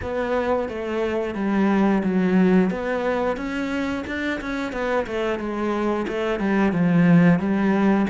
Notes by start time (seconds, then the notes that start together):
0.02 B3
0.68 A3
1.35 G3
2.03 F#3
2.70 B3
3.36 C#4
4.06 D4
4.40 C#4
4.72 B3
5.07 A3
5.39 G#3
6.07 A3
6.39 G3
6.72 F3
7.39 G3